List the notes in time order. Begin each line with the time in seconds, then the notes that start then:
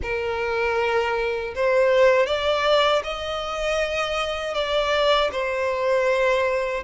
0.02 A#4
1.55 C5
2.26 D5
3.03 D#5
4.54 D5
5.32 C5